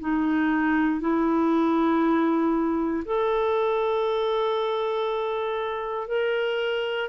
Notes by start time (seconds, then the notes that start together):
0.00 D#4
1.00 E4
3.05 A4
6.08 A#4